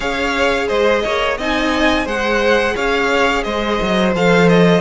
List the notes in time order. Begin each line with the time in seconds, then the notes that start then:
0.00 C#4 G#4 C#5 F5
0.67 G#3 C5 D#5
1.04 A#3 C#5
1.37 C4 D#4 D#5 G#5
2.05 G#3 G#4 C5 F#5
2.75 C#4 C#5 F5
3.43 G#3 C5 D#5
3.81 F#3
4.14 F3 A4 F5
4.48 D#5